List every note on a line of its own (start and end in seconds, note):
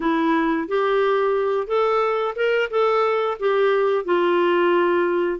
0.00 0.67 E4
0.68 1.67 G4
1.67 2.34 A4
2.35 2.69 A#4
2.70 3.37 A4
3.39 4.04 G4
4.04 5.39 F4